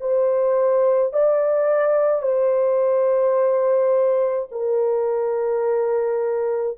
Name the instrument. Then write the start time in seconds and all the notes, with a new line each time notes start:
horn
0.00 C5
1.13 D5
2.22 C5
4.51 A#4